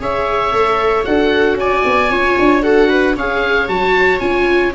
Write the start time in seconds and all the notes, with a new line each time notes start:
0.00 C#4 G#4 C#5 E5
0.53 A3 A4
1.05 D4 F#4 A4 F#5
1.55 C#4 D5 G#5
1.85 B3
2.10 C#4 F4 C#5
2.39 D4
2.63 F#4 A4 F#5
2.90 B4
3.17 C#4 G#4 C#5 F5
3.69 F#3 F#4 A5
4.20 C#4 F4 G#5